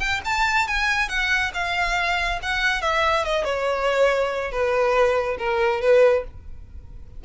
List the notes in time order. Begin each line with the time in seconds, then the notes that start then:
0.00 G5
0.25 A5
0.68 G#5
1.09 F#5
1.54 F5
2.43 F#5
2.82 E5
3.25 D#5
3.45 C#5
4.52 B4
5.39 A#4
5.82 B4